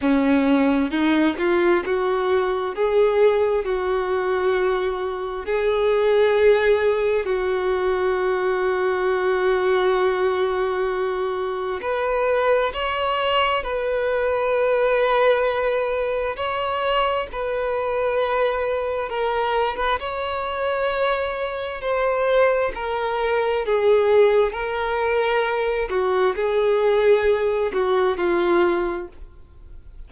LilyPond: \new Staff \with { instrumentName = "violin" } { \time 4/4 \tempo 4 = 66 cis'4 dis'8 f'8 fis'4 gis'4 | fis'2 gis'2 | fis'1~ | fis'4 b'4 cis''4 b'4~ |
b'2 cis''4 b'4~ | b'4 ais'8. b'16 cis''2 | c''4 ais'4 gis'4 ais'4~ | ais'8 fis'8 gis'4. fis'8 f'4 | }